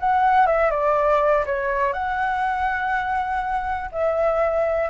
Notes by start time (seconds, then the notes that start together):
0.00 F#5
0.47 E5
0.71 D5
1.46 C#5
1.93 F#5
3.92 E5